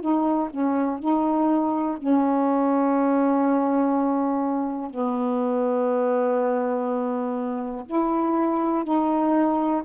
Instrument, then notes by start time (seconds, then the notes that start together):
saxophone
0.00 D#4
0.50 C#4
0.99 D#4
1.97 C#4
4.90 B3
7.86 E4
8.84 D#4